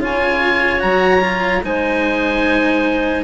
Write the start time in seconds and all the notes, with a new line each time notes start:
0.00 C#3 F4 C#5 G#5
0.79 F#3 F#4 A#5
1.20 F4
1.62 G#3 D#4 C5 G#5